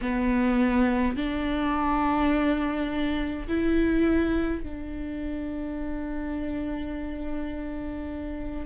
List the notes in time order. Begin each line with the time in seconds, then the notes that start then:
0.01 B3
1.16 D4
3.48 E4
4.63 D4